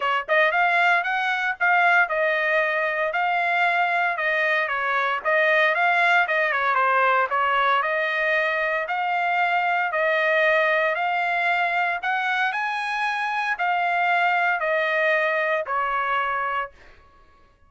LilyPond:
\new Staff \with { instrumentName = "trumpet" } { \time 4/4 \tempo 4 = 115 cis''8 dis''8 f''4 fis''4 f''4 | dis''2 f''2 | dis''4 cis''4 dis''4 f''4 | dis''8 cis''8 c''4 cis''4 dis''4~ |
dis''4 f''2 dis''4~ | dis''4 f''2 fis''4 | gis''2 f''2 | dis''2 cis''2 | }